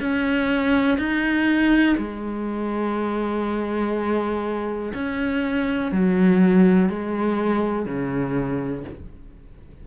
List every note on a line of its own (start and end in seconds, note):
0.00 0.97 C#4
0.97 1.96 D#4
1.97 4.92 G#3
4.93 5.91 C#4
5.91 6.89 F#3
6.89 7.86 G#3
7.86 8.84 C#3